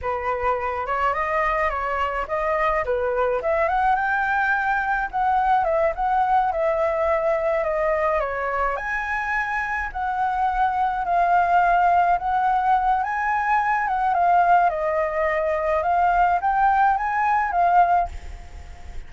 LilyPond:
\new Staff \with { instrumentName = "flute" } { \time 4/4 \tempo 4 = 106 b'4. cis''8 dis''4 cis''4 | dis''4 b'4 e''8 fis''8 g''4~ | g''4 fis''4 e''8 fis''4 e''8~ | e''4. dis''4 cis''4 gis''8~ |
gis''4. fis''2 f''8~ | f''4. fis''4. gis''4~ | gis''8 fis''8 f''4 dis''2 | f''4 g''4 gis''4 f''4 | }